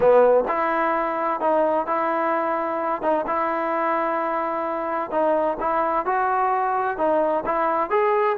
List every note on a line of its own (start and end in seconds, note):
0.00 0.44 B3
0.48 1.40 E4
1.40 1.86 D#4
1.86 3.02 E4
3.02 3.25 D#4
3.26 5.10 E4
5.10 5.57 D#4
5.60 6.05 E4
6.05 6.97 F#4
6.97 7.44 D#4
7.45 7.90 E4
7.90 8.36 G#4